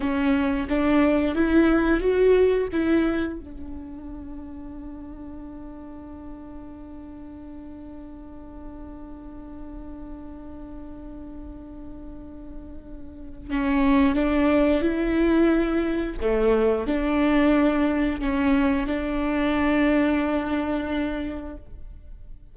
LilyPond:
\new Staff \with { instrumentName = "viola" } { \time 4/4 \tempo 4 = 89 cis'4 d'4 e'4 fis'4 | e'4 d'2.~ | d'1~ | d'1~ |
d'1 | cis'4 d'4 e'2 | a4 d'2 cis'4 | d'1 | }